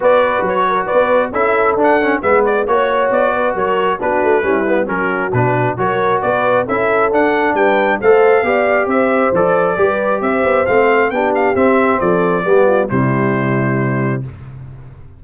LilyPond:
<<
  \new Staff \with { instrumentName = "trumpet" } { \time 4/4 \tempo 4 = 135 d''4 cis''4 d''4 e''4 | fis''4 e''8 d''8 cis''4 d''4 | cis''4 b'2 ais'4 | b'4 cis''4 d''4 e''4 |
fis''4 g''4 f''2 | e''4 d''2 e''4 | f''4 g''8 f''8 e''4 d''4~ | d''4 c''2. | }
  \new Staff \with { instrumentName = "horn" } { \time 4/4 b'4. ais'8 b'4 a'4~ | a'4 b'4 cis''4. b'8 | ais'4 fis'4 e'4 fis'4~ | fis'4 ais'4 b'4 a'4~ |
a'4 b'4 c''4 d''4 | c''2 b'4 c''4~ | c''4 g'2 a'4 | g'8 f'8 e'2. | }
  \new Staff \with { instrumentName = "trombone" } { \time 4/4 fis'2. e'4 | d'8 cis'8 b4 fis'2~ | fis'4 d'4 cis'8 b8 cis'4 | d'4 fis'2 e'4 |
d'2 a'4 g'4~ | g'4 a'4 g'2 | c'4 d'4 c'2 | b4 g2. | }
  \new Staff \with { instrumentName = "tuba" } { \time 4/4 b4 fis4 b4 cis'4 | d'4 gis4 ais4 b4 | fis4 b8 a8 g4 fis4 | b,4 fis4 b4 cis'4 |
d'4 g4 a4 b4 | c'4 f4 g4 c'8 b8 | a4 b4 c'4 f4 | g4 c2. | }
>>